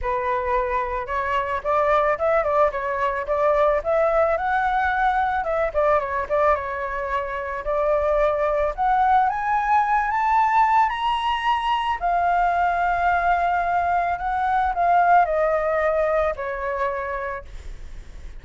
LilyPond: \new Staff \with { instrumentName = "flute" } { \time 4/4 \tempo 4 = 110 b'2 cis''4 d''4 | e''8 d''8 cis''4 d''4 e''4 | fis''2 e''8 d''8 cis''8 d''8 | cis''2 d''2 |
fis''4 gis''4. a''4. | ais''2 f''2~ | f''2 fis''4 f''4 | dis''2 cis''2 | }